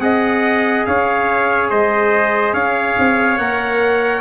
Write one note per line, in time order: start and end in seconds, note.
0.00 0.85 C4
0.00 3.39 G#4
0.00 0.87 D#5
0.00 0.85 F#5
0.86 1.71 C#4
0.86 1.70 C#5
0.86 1.70 F5
1.70 2.54 G#3
1.70 2.54 C5
1.70 2.54 D#5
2.54 2.96 C#4
2.54 4.21 C#5
2.54 3.38 F5
2.98 3.38 C4
3.38 4.21 A#3
3.38 4.21 A#4
3.38 4.21 F#5